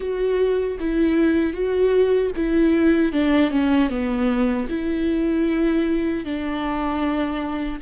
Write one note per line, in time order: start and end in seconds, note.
0.00 0.78 F#4
0.79 1.53 E4
1.53 2.31 F#4
2.36 3.12 E4
3.12 3.50 D4
3.50 3.89 C#4
3.89 4.67 B3
4.69 6.24 E4
6.24 7.80 D4